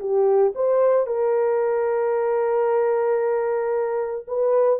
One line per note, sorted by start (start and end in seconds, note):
0.00 0.53 G4
0.55 1.07 C5
1.07 4.26 A#4
4.27 4.80 B4